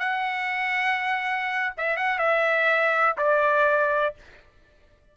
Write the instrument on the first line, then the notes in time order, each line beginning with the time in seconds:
trumpet
0.00 F#5
1.78 E5
1.97 F#5
2.19 E5
3.18 D5